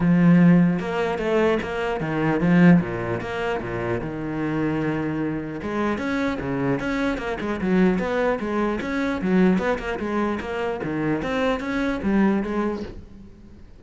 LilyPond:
\new Staff \with { instrumentName = "cello" } { \time 4/4 \tempo 4 = 150 f2 ais4 a4 | ais4 dis4 f4 ais,4 | ais4 ais,4 dis2~ | dis2 gis4 cis'4 |
cis4 cis'4 ais8 gis8 fis4 | b4 gis4 cis'4 fis4 | b8 ais8 gis4 ais4 dis4 | c'4 cis'4 g4 gis4 | }